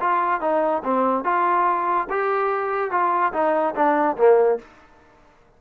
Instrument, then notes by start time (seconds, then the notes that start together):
trombone
0.00 F4
0.41 D#4
0.84 C4
1.24 F4
2.10 G4
2.91 F4
3.33 D#4
3.75 D4
4.17 A#3